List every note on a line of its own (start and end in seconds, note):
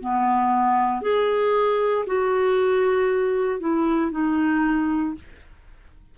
0.00 1.02 B3
1.02 2.05 G#4
2.06 3.60 F#4
3.60 4.11 E4
4.11 5.15 D#4